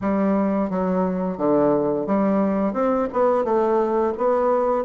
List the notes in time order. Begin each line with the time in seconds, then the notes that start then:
0.01 G3
0.70 F#3
1.37 D3
2.06 G3
2.73 C4
3.12 B3
3.44 A3
4.17 B3